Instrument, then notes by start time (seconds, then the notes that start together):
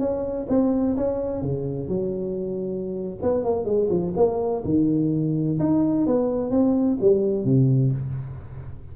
tuba
0.00 C#4
0.49 C4
0.97 C#4
1.43 C#3
1.89 F#3
3.23 B3
3.45 A#3
3.65 G#3
3.90 F3
4.17 A#3
4.65 D#3
5.60 D#4
6.07 B3
6.51 C4
7.02 G3
7.45 C3